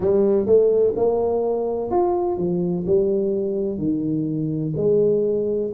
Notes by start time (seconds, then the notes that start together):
0.00 G3
0.45 A3
0.96 A#3
1.90 F4
2.37 F3
2.86 G3
3.78 D#3
4.76 G#3